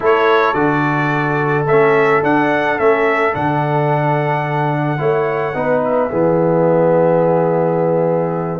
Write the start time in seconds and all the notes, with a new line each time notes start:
0.00 A3 E4 A4 C#5
0.53 D3 F#4 D5
1.65 A3 C#4 E5
2.23 D4 F#5
2.78 A3 C#4 E5
3.33 D3 D4 F#5
4.97 A3 E4 C#5
5.54 B3 D#4 B4
5.84 E5
6.09 E3 B3 G#4